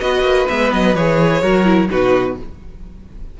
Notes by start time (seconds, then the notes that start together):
0.00 B3 F#4 B4 D#5
0.22 A#3
0.47 G#3 B3 E5
0.73 F#3 D#5
0.95 E3 G#4 C#5
1.41 F#3 F#4 A#4
1.64 E4
1.90 B2 D#4 F#4 B4